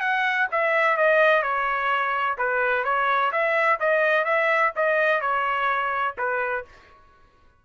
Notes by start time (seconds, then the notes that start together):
0.00 F#5
0.51 E5
0.97 D#5
1.42 C#5
2.38 B4
2.84 C#5
3.32 E5
3.80 D#5
4.25 E5
4.76 D#5
5.21 C#5
6.18 B4